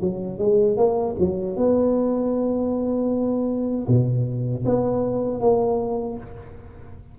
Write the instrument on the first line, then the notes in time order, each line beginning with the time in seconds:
tuba
0.00 F#3
0.38 G#3
0.77 A#3
1.19 F#3
1.56 B3
3.87 B2
4.65 B3
5.40 A#3